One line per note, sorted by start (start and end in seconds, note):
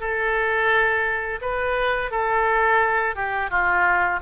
0.00 1.40 A4
1.41 2.11 B4
2.11 3.15 A4
3.15 3.50 G4
3.50 4.20 F4